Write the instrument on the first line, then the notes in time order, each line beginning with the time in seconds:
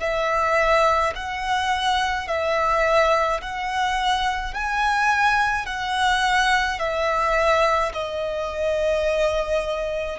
violin
0.00 E5
1.15 F#5
2.27 E5
3.42 F#5
4.54 G#5
5.67 F#5
6.80 E5
7.93 D#5